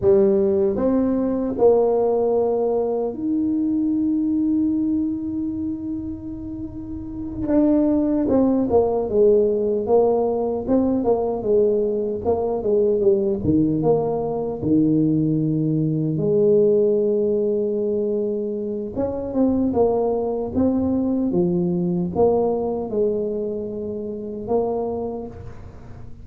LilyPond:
\new Staff \with { instrumentName = "tuba" } { \time 4/4 \tempo 4 = 76 g4 c'4 ais2 | dis'1~ | dis'4. d'4 c'8 ais8 gis8~ | gis8 ais4 c'8 ais8 gis4 ais8 |
gis8 g8 dis8 ais4 dis4.~ | dis8 gis2.~ gis8 | cis'8 c'8 ais4 c'4 f4 | ais4 gis2 ais4 | }